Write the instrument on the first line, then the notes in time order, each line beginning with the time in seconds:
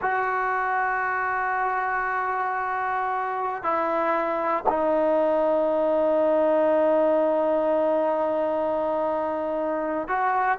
trombone
0.01 F#4
3.63 E4
4.68 D#4
10.07 F#4